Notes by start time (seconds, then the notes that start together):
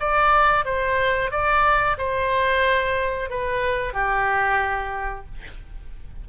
0.00 D5
0.65 C5
1.31 D5
1.98 C5
3.30 B4
3.94 G4